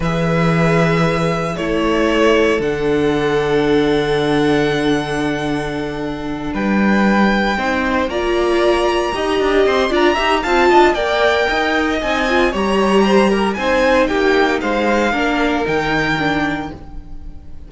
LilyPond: <<
  \new Staff \with { instrumentName = "violin" } { \time 4/4 \tempo 4 = 115 e''2. cis''4~ | cis''4 fis''2.~ | fis''1~ | fis''8 g''2. ais''8~ |
ais''2~ ais''8 c'''8 ais''4 | a''4 g''2 gis''4 | ais''2 gis''4 g''4 | f''2 g''2 | }
  \new Staff \with { instrumentName = "violin" } { \time 4/4 b'2. a'4~ | a'1~ | a'1~ | a'8 b'2 c''4 d''8~ |
d''4. dis''4. d''8 e''8 | f''8 dis''8 d''4 dis''2 | cis''4 c''8 ais'8 c''4 g'4 | c''4 ais'2. | }
  \new Staff \with { instrumentName = "viola" } { \time 4/4 gis'2. e'4~ | e'4 d'2.~ | d'1~ | d'2~ d'8 dis'4 f'8~ |
f'4. g'4. f'8 g'8 | f'4 ais'2 dis'8 f'8 | g'2 dis'2~ | dis'4 d'4 dis'4 d'4 | }
  \new Staff \with { instrumentName = "cello" } { \time 4/4 e2. a4~ | a4 d2.~ | d1~ | d8 g2 c'4 ais8~ |
ais4. dis'8 d'8 c'8 d'8 dis'8 | c'8 d'8 ais4 dis'4 c'4 | g2 c'4 ais4 | gis4 ais4 dis2 | }
>>